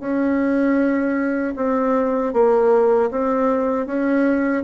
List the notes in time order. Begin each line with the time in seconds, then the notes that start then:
0.00 C#4
1.56 C4
2.33 A#3
3.11 C4
3.86 C#4